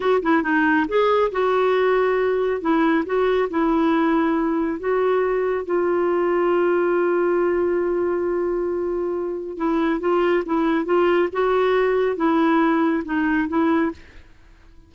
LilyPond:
\new Staff \with { instrumentName = "clarinet" } { \time 4/4 \tempo 4 = 138 fis'8 e'8 dis'4 gis'4 fis'4~ | fis'2 e'4 fis'4 | e'2. fis'4~ | fis'4 f'2.~ |
f'1~ | f'2 e'4 f'4 | e'4 f'4 fis'2 | e'2 dis'4 e'4 | }